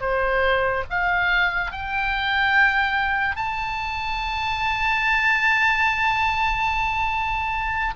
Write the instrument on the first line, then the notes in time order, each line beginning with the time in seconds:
oboe
0.00 C5
0.90 F5
1.71 G5
3.36 A5